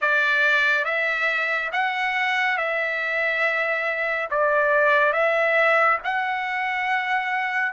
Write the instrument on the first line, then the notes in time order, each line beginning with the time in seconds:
trumpet
0.01 D5
0.85 E5
1.72 F#5
2.57 E5
4.30 D5
5.12 E5
6.04 F#5